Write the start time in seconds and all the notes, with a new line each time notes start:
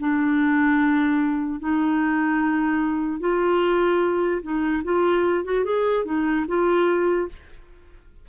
0.00 D4
1.60 D#4
3.21 F4
4.43 D#4
4.84 F4
5.45 F#4
5.65 G#4
6.06 D#4
6.48 F4